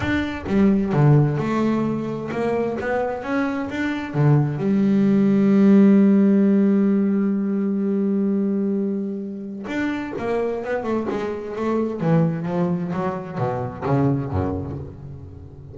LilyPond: \new Staff \with { instrumentName = "double bass" } { \time 4/4 \tempo 4 = 130 d'4 g4 d4 a4~ | a4 ais4 b4 cis'4 | d'4 d4 g2~ | g1~ |
g1~ | g4 d'4 ais4 b8 a8 | gis4 a4 e4 f4 | fis4 b,4 cis4 fis,4 | }